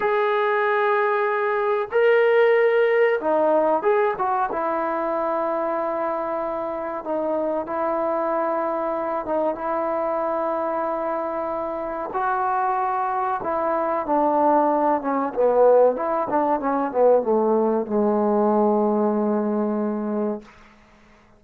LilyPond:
\new Staff \with { instrumentName = "trombone" } { \time 4/4 \tempo 4 = 94 gis'2. ais'4~ | ais'4 dis'4 gis'8 fis'8 e'4~ | e'2. dis'4 | e'2~ e'8 dis'8 e'4~ |
e'2. fis'4~ | fis'4 e'4 d'4. cis'8 | b4 e'8 d'8 cis'8 b8 a4 | gis1 | }